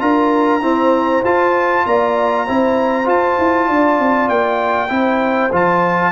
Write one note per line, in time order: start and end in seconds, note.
0.00 0.62 D4
0.00 0.61 F4
0.00 0.63 A#4
0.00 1.24 A#5
0.62 1.24 C4
0.62 1.24 E4
0.62 1.87 C5
1.24 1.85 F4
1.24 2.47 F4
1.24 1.86 A5
1.86 2.48 A#3
1.86 2.46 D5
1.86 3.09 A#5
2.46 3.07 C4
2.46 3.05 E4
2.46 3.68 C5
3.05 4.89 F4
3.05 3.38 F4
3.05 4.29 A5
3.39 3.69 E4
3.68 4.00 D4
3.68 4.90 D5
4.00 4.29 C4
4.29 4.90 A#3
4.29 5.52 G5
4.89 5.51 C4
4.89 5.51 E4
4.89 6.12 C5
5.52 6.12 F3
5.52 6.12 F4
5.52 6.12 A5